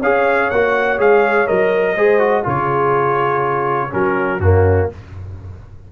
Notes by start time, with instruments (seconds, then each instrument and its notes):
0.00 tuba C#4, trombone G#4, horn C#5, trumpet F5
0.50 tuba A#3, trombone F#4, trumpet F#5
0.99 tuba G#3, trombone G#4, trumpet F5
1.47 tuba F#3, trombone A#4, trumpet D#5
1.96 tuba G#3, trombone G#4, horn C5
2.19 trombone F#4
2.44 tuba C#3, trombone F4, horn G#4, trumpet C#5
3.91 tuba F#3, trombone C#4, horn F#4, trumpet A#4
4.40 tuba F#2, trombone A#3, horn C#4, trumpet F#4